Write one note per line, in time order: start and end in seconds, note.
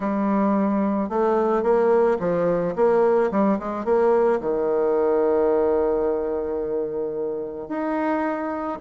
0.00 1.09 G3
1.09 1.62 A3
1.62 2.17 A#3
2.19 2.74 F3
2.75 3.30 A#3
3.31 3.59 G3
3.59 3.84 G#3
3.84 4.39 A#3
4.40 7.68 D#3
7.68 8.78 D#4